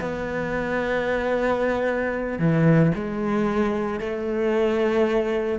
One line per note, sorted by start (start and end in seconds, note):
0.00 2.38 B3
2.38 2.92 E3
2.94 3.99 G#3
3.99 5.58 A3